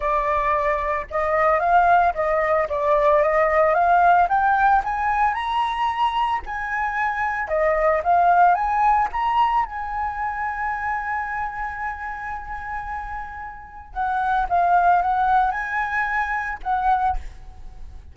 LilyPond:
\new Staff \with { instrumentName = "flute" } { \time 4/4 \tempo 4 = 112 d''2 dis''4 f''4 | dis''4 d''4 dis''4 f''4 | g''4 gis''4 ais''2 | gis''2 dis''4 f''4 |
gis''4 ais''4 gis''2~ | gis''1~ | gis''2 fis''4 f''4 | fis''4 gis''2 fis''4 | }